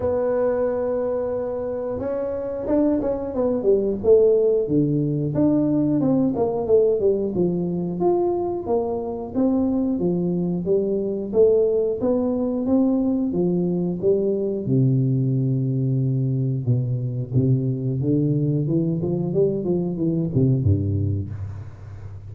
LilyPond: \new Staff \with { instrumentName = "tuba" } { \time 4/4 \tempo 4 = 90 b2. cis'4 | d'8 cis'8 b8 g8 a4 d4 | d'4 c'8 ais8 a8 g8 f4 | f'4 ais4 c'4 f4 |
g4 a4 b4 c'4 | f4 g4 c2~ | c4 b,4 c4 d4 | e8 f8 g8 f8 e8 c8 g,4 | }